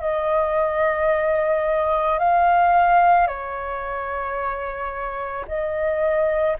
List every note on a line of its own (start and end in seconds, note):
0.00 2.18 D#5
2.19 3.27 F5
3.27 5.45 C#5
5.47 6.57 D#5